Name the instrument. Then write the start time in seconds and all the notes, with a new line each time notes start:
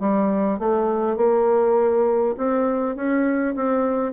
bassoon
0.00 G3
0.59 A3
1.16 A#3
2.37 C4
2.96 C#4
3.56 C4